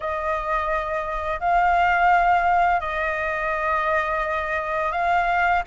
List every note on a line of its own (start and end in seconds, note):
0.00 1.40 D#5
1.40 2.80 F5
2.80 4.92 D#5
4.92 5.62 F5